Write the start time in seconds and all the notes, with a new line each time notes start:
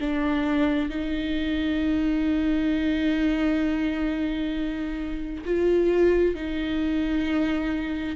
0.00 D4
0.89 D#4
5.45 F4
6.34 D#4